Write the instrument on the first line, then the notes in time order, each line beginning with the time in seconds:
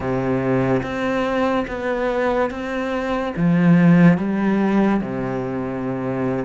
cello
0.00 C3
0.83 C4
1.67 B3
2.50 C4
3.36 F3
4.17 G3
5.01 C3